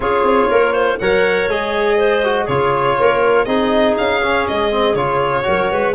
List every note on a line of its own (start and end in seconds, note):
0.00 0.23 C#4
0.00 0.98 F4
0.00 0.49 G#4
0.00 0.99 C#5
0.23 0.47 C4
0.49 0.99 A#3
0.49 0.72 A#4
0.72 0.97 C5
0.99 1.48 F#3
0.99 1.50 A#4
0.99 1.97 C#5
0.99 1.48 F#5
1.48 2.47 G#3
1.48 2.23 G#4
1.48 2.47 D#5
1.97 2.44 C5
2.23 2.48 F#4
2.44 2.97 C#3
2.44 3.47 F4
2.44 2.93 G#4
2.44 3.45 C#5
2.98 3.46 A#3
2.98 3.46 A#4
3.45 3.95 C4
3.45 4.21 D#4
3.45 5.44 G#4
3.45 3.94 D#5
3.97 4.48 C#4
3.97 4.47 F5
4.22 4.71 C#4
4.47 4.94 G#3
4.47 4.95 D#5
4.71 4.95 C4
4.94 5.43 C#3
4.94 5.43 F4
4.94 5.94 C#5
5.43 5.72 F#3
5.43 5.93 F#4
5.43 5.71 A#4
5.71 5.94 G#3
5.71 5.94 B4